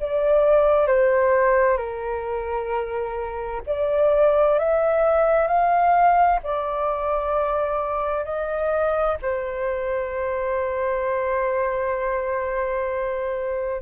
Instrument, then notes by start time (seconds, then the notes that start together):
flute
0.00 D5
0.87 C5
1.77 A#4
3.66 D5
4.59 E5
5.47 F5
6.43 D5
8.25 D#5
9.22 C5